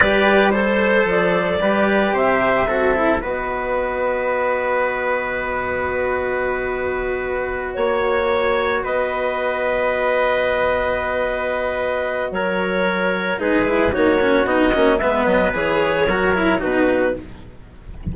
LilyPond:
<<
  \new Staff \with { instrumentName = "clarinet" } { \time 4/4 \tempo 4 = 112 d''4 c''4 d''2 | e''2 dis''2~ | dis''1~ | dis''2~ dis''8 cis''4.~ |
cis''8 dis''2.~ dis''8~ | dis''2. cis''4~ | cis''4 b'4 cis''4 dis''4 | e''8 dis''8 cis''2 b'4 | }
  \new Staff \with { instrumentName = "trumpet" } { \time 4/4 b'4 c''2 b'4 | c''4 a'4 b'2~ | b'1~ | b'2~ b'8 cis''4.~ |
cis''8 b'2.~ b'8~ | b'2. ais'4~ | ais'4 gis'4 fis'2 | b'2 ais'4 fis'4 | }
  \new Staff \with { instrumentName = "cello" } { \time 4/4 g'4 a'2 g'4~ | g'4 fis'8 e'8 fis'2~ | fis'1~ | fis'1~ |
fis'1~ | fis'1~ | fis'4 dis'8 e'8 dis'8 cis'8 dis'8 cis'8 | b4 gis'4 fis'8 e'8 dis'4 | }
  \new Staff \with { instrumentName = "bassoon" } { \time 4/4 g2 f4 g4 | c4 c'4 b2~ | b1~ | b2~ b8 ais4.~ |
ais8 b2.~ b8~ | b2. fis4~ | fis4 gis4 ais4 b8 ais8 | gis8 fis8 e4 fis4 b,4 | }
>>